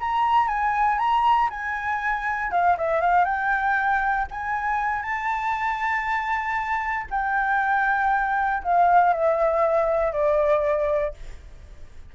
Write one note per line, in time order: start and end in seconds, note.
0.00 0.47 A#5
0.47 0.98 G#5
0.98 1.49 A#5
1.50 2.51 G#5
2.51 2.76 F5
2.78 3.00 E5
3.00 3.25 F5
3.25 4.26 G5
4.31 5.02 G#5
5.02 7.06 A5
7.10 8.63 G5
8.63 9.13 F5
9.13 10.12 E5
10.12 11.14 D5